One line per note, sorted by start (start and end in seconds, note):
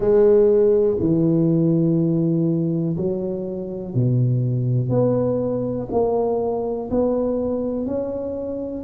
0.00 0.97 G#3
0.99 2.96 E3
2.96 3.94 F#3
3.94 4.89 B2
4.89 5.87 B3
5.91 6.89 A#3
6.90 7.86 B3
7.86 8.84 C#4